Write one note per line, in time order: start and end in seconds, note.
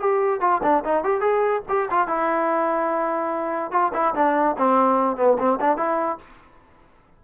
0.00 0.41 G4
0.41 0.62 F4
0.63 0.84 D4
0.85 1.04 D#4
1.04 1.21 G4
1.21 1.62 G#4
1.69 1.89 G4
1.91 2.07 F4
2.07 3.71 E4
3.71 3.92 F4
3.93 4.14 E4
4.15 4.56 D4
4.58 5.17 C4
5.17 5.37 B3
5.38 5.59 C4
5.61 5.77 D4
5.77 6.18 E4